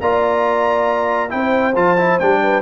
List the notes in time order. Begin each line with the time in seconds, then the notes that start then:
0.00 A#3 F4 D5 A#5
1.29 C4 E4 G5
1.36 C5
1.75 F3 F4 A5
1.97 E4
2.19 G3 D4 G5
2.42 B4